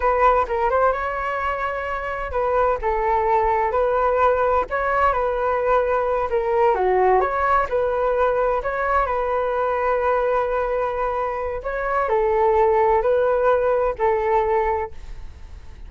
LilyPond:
\new Staff \with { instrumentName = "flute" } { \time 4/4 \tempo 4 = 129 b'4 ais'8 c''8 cis''2~ | cis''4 b'4 a'2 | b'2 cis''4 b'4~ | b'4. ais'4 fis'4 cis''8~ |
cis''8 b'2 cis''4 b'8~ | b'1~ | b'4 cis''4 a'2 | b'2 a'2 | }